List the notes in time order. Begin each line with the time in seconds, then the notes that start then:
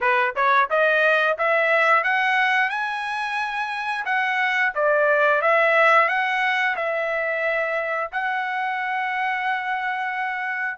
0.01 B4
0.35 C#5
0.70 D#5
1.38 E5
2.03 F#5
2.69 G#5
4.05 F#5
4.74 D5
5.41 E5
6.08 F#5
6.76 E5
8.11 F#5